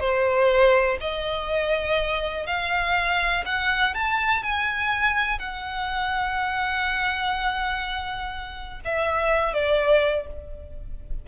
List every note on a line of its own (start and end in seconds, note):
0.00 0.98 C5
1.00 2.46 D#5
2.46 3.44 F5
3.46 3.94 F#5
3.94 4.43 A5
4.43 5.39 G#5
5.39 8.80 F#5
8.85 9.54 E5
9.54 10.27 D5